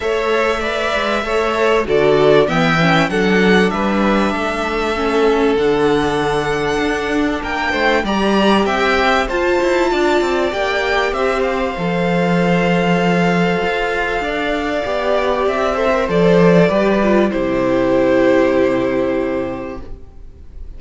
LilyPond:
<<
  \new Staff \with { instrumentName = "violin" } { \time 4/4 \tempo 4 = 97 e''2. d''4 | g''4 fis''4 e''2~ | e''4 fis''2. | g''4 ais''4 g''4 a''4~ |
a''4 g''4 e''8 f''4.~ | f''1~ | f''4 e''4 d''2 | c''1 | }
  \new Staff \with { instrumentName = "violin" } { \time 4/4 cis''4 d''4 cis''4 a'4 | e''4 a'4 b'4 a'4~ | a'1 | ais'8 c''8 d''4 e''4 c''4 |
d''2 c''2~ | c''2. d''4~ | d''4. c''4. b'4 | g'1 | }
  \new Staff \with { instrumentName = "viola" } { \time 4/4 a'4 b'4 a'4 fis'4 | b8 cis'8 d'2. | cis'4 d'2.~ | d'4 g'2 f'4~ |
f'4 g'2 a'4~ | a'1 | g'4. a'16 ais'16 a'4 g'8 f'8 | e'1 | }
  \new Staff \with { instrumentName = "cello" } { \time 4/4 a4. gis8 a4 d4 | e4 fis4 g4 a4~ | a4 d2 d'4 | ais8 a8 g4 c'4 f'8 e'8 |
d'8 c'8 ais4 c'4 f4~ | f2 f'4 d'4 | b4 c'4 f4 g4 | c1 | }
>>